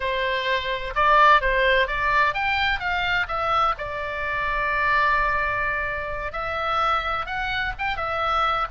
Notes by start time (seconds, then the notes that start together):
0.00 C5
0.95 D5
1.41 C5
1.87 D5
2.34 G5
2.79 F5
3.27 E5
3.77 D5
6.32 E5
7.26 F#5
7.78 G5
7.96 E5